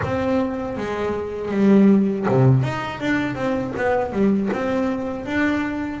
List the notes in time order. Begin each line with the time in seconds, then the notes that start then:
0.03 C4
0.77 G#3
1.51 G3
2.28 C3
2.62 D#4
3.00 D4
3.35 C4
3.77 B3
4.12 G3
4.52 C4
5.25 D4